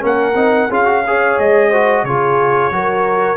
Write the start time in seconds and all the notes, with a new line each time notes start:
0.00 A#3 C#4 A#4 F#5
0.35 C4 D#4
0.70 C#4 F4 G#4 F5
0.86 F#4
1.07 G#4 C#5
1.39 G#3 D#5
1.70 F#4 C5
2.04 C#3 F4 G#4 C#5
2.71 F#3 F#4 A#4